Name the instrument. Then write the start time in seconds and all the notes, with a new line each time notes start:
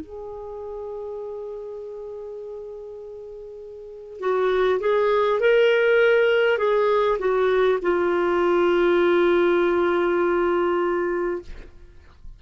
clarinet
0.00 G#4
4.19 F#4
4.80 G#4
5.40 A#4
6.58 G#4
7.18 F#4
7.82 F4